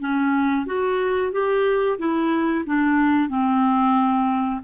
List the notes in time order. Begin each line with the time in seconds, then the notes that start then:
0.00 C#4
0.66 F#4
1.32 G4
1.98 E4
2.66 D4
3.29 C4